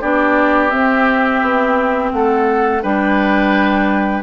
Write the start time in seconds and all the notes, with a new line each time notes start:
0.00 B3 D4 G4 D5
0.70 C4 E5
1.41 B3
2.12 A3 A4 F#5
2.82 G3 D4 B4 G5